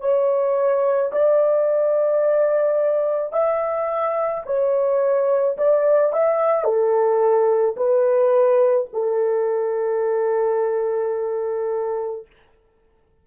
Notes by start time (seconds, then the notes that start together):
0.00 C#5
1.12 D5
3.32 E5
4.45 C#5
5.57 D5
6.12 E5
6.64 A4
7.76 B4
8.93 A4